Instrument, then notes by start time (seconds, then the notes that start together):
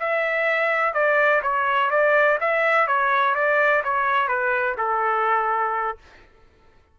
trumpet
0.00 E5
0.94 D5
1.43 C#5
1.91 D5
2.41 E5
2.88 C#5
3.35 D5
3.84 C#5
4.28 B4
4.78 A4